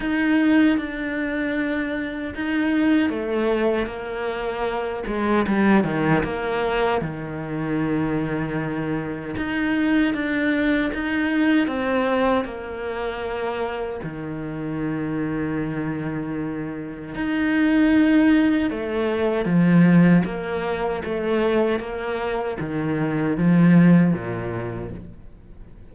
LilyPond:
\new Staff \with { instrumentName = "cello" } { \time 4/4 \tempo 4 = 77 dis'4 d'2 dis'4 | a4 ais4. gis8 g8 dis8 | ais4 dis2. | dis'4 d'4 dis'4 c'4 |
ais2 dis2~ | dis2 dis'2 | a4 f4 ais4 a4 | ais4 dis4 f4 ais,4 | }